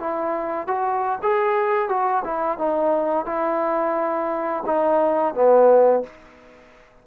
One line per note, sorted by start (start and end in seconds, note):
0.00 0.67 E4
0.67 1.19 F#4
1.23 1.89 G#4
1.89 2.24 F#4
2.25 2.59 E4
2.59 3.26 D#4
3.26 4.64 E4
4.66 5.35 D#4
5.35 6.04 B3